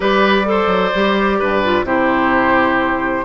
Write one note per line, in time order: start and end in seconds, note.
0.00 0.67 G3
0.00 0.44 G4
0.00 0.46 B4
0.00 1.86 D5
0.44 0.91 A4
0.44 1.38 C5
0.67 0.90 F#3
0.94 1.41 G3
0.94 1.63 G4
1.38 1.83 G2
1.38 1.85 B4
1.63 1.85 F4
1.83 3.23 C3
1.83 3.25 E4
1.83 3.25 G4
1.83 3.25 C5